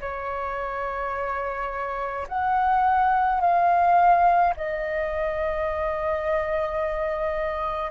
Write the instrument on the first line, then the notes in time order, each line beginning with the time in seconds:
flute
0.00 C#5
2.28 F#5
3.40 F5
4.56 D#5